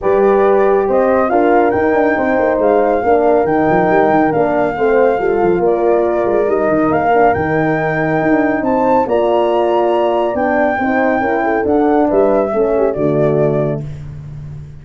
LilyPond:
<<
  \new Staff \with { instrumentName = "flute" } { \time 4/4 \tempo 4 = 139 d''2 dis''4 f''4 | g''2 f''2 | g''2 f''2~ | f''4 d''2 dis''4 |
f''4 g''2. | a''4 ais''2. | g''2. fis''4 | e''2 d''2 | }
  \new Staff \with { instrumentName = "horn" } { \time 4/4 b'2 c''4 ais'4~ | ais'4 c''2 ais'4~ | ais'2. c''4 | a'4 ais'2.~ |
ais'1 | c''4 d''2.~ | d''4 c''4 ais'8 a'4. | b'4 a'8 g'8 fis'2 | }
  \new Staff \with { instrumentName = "horn" } { \time 4/4 g'2. f'4 | dis'2. d'4 | dis'2 d'4 c'4 | f'2. dis'4~ |
dis'8 d'8 dis'2.~ | dis'4 f'2. | d'4 dis'4 e'4 d'4~ | d'4 cis'4 a2 | }
  \new Staff \with { instrumentName = "tuba" } { \time 4/4 g2 c'4 d'4 | dis'8 d'8 c'8 ais8 gis4 ais4 | dis8 f8 g8 dis8 ais4 a4 | g8 f8 ais4. gis8 g8 dis8 |
ais4 dis2 dis'16 d'8. | c'4 ais2. | b4 c'4 cis'4 d'4 | g4 a4 d2 | }
>>